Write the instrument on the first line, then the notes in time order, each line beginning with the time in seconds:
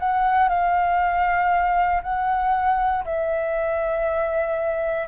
flute
0.00 F#5
0.49 F5
2.03 F#5
3.05 E5